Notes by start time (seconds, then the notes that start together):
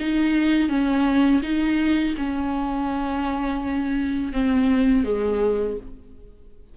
0.00 D#4
0.69 C#4
1.43 D#4
2.18 C#4
4.33 C4
5.05 G#3